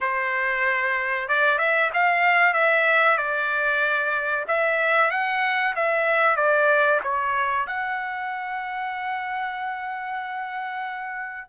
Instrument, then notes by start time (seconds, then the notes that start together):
trumpet
0.00 C5
1.28 D5
1.58 E5
1.93 F5
2.53 E5
3.17 D5
4.47 E5
5.10 F#5
5.75 E5
6.36 D5
7.03 C#5
7.67 F#5